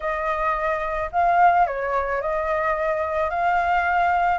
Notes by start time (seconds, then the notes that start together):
0.00 D#5
1.12 F5
1.67 C#5
2.21 D#5
3.30 F5